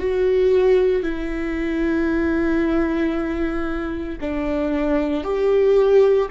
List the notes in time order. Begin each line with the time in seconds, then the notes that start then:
0.00 F#4
1.03 E4
4.21 D4
5.24 G4